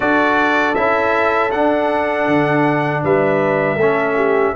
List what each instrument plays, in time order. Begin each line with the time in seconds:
0.00 tuba D4, trombone F#4, horn A4, trumpet D5
0.74 tuba C#4, trombone E4, trumpet E5
1.50 trombone D4, tuba D4, trumpet F#5
2.27 tuba D3
3.03 tuba G3, horn B4, trumpet E5
3.75 tuba A3, trombone C#4, horn A4
4.16 horn G4